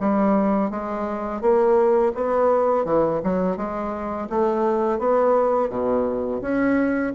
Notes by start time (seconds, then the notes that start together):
0.00 G3
0.70 G#3
1.41 A#3
2.15 B3
2.85 E3
3.24 F#3
3.57 G#3
4.30 A3
4.99 B3
5.69 B2
6.42 C#4